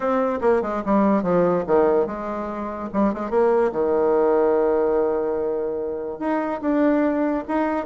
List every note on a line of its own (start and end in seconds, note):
0.00 0.39 C4
0.41 0.62 A#3
0.62 0.82 G#3
0.85 1.23 G3
1.23 1.64 F3
1.66 2.06 D#3
2.06 2.89 G#3
2.93 3.13 G3
3.13 3.30 G#3
3.30 3.71 A#3
3.71 6.19 D#3
6.19 6.60 D#4
6.61 7.44 D4
7.48 7.85 D#4